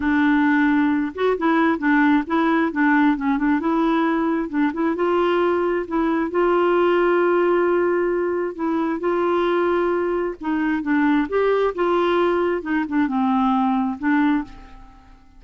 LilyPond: \new Staff \with { instrumentName = "clarinet" } { \time 4/4 \tempo 4 = 133 d'2~ d'8 fis'8 e'4 | d'4 e'4 d'4 cis'8 d'8 | e'2 d'8 e'8 f'4~ | f'4 e'4 f'2~ |
f'2. e'4 | f'2. dis'4 | d'4 g'4 f'2 | dis'8 d'8 c'2 d'4 | }